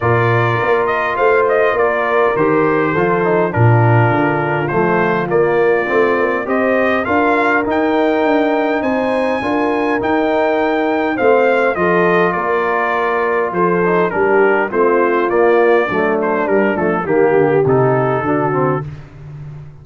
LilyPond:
<<
  \new Staff \with { instrumentName = "trumpet" } { \time 4/4 \tempo 4 = 102 d''4. dis''8 f''8 dis''8 d''4 | c''2 ais'2 | c''4 d''2 dis''4 | f''4 g''2 gis''4~ |
gis''4 g''2 f''4 | dis''4 d''2 c''4 | ais'4 c''4 d''4. c''8 | ais'8 a'8 g'4 a'2 | }
  \new Staff \with { instrumentName = "horn" } { \time 4/4 ais'2 c''4 ais'4~ | ais'4 a'4 f'2~ | f'2. c''4 | ais'2. c''4 |
ais'2. c''4 | a'4 ais'2 a'4 | g'4 f'2 d'4~ | d'4 g'2 fis'4 | }
  \new Staff \with { instrumentName = "trombone" } { \time 4/4 f'1 | g'4 f'8 dis'8 d'2 | a4 ais4 c'4 g'4 | f'4 dis'2. |
f'4 dis'2 c'4 | f'2.~ f'8 dis'8 | d'4 c'4 ais4 a4 | g8 a8 ais4 dis'4 d'8 c'8 | }
  \new Staff \with { instrumentName = "tuba" } { \time 4/4 ais,4 ais4 a4 ais4 | dis4 f4 ais,4 d4 | f4 ais4 a8 ais8 c'4 | d'4 dis'4 d'4 c'4 |
d'4 dis'2 a4 | f4 ais2 f4 | g4 a4 ais4 fis4 | g8 f8 dis8 d8 c4 d4 | }
>>